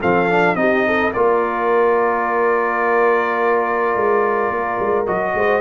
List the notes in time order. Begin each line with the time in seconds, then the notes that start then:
0.00 F3 C4 A4 F5
0.30 D4
0.55 C4 D#4 G4 D#5
0.87 A4
1.14 A#3 F4 A#4 D5
3.96 G#3
4.50 A#3
4.80 G#3
5.07 F#3 F#4 D#5
5.35 G#3 C5